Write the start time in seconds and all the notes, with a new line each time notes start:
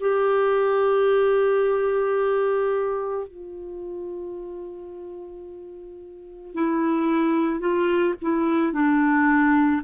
0.00 G4
3.27 F4
6.54 E4
7.60 F4
8.22 E4
8.73 D4